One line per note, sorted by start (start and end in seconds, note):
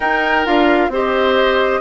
0.00 0.45 D#4
0.00 0.90 A#4
0.00 0.45 G5
0.45 0.88 D4
0.45 0.90 F4
0.45 0.91 F5
0.88 1.79 C4
0.88 1.80 G4
0.88 1.80 C5
0.88 1.80 D#5